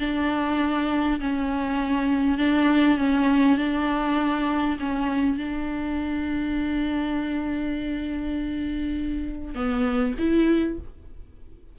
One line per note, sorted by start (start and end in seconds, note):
0.00 1.20 D4
1.20 2.38 C#4
2.38 2.98 D4
2.98 3.58 C#4
3.58 4.78 D4
4.80 5.37 C#4
5.37 9.55 D4
9.55 10.15 B3
10.19 10.79 E4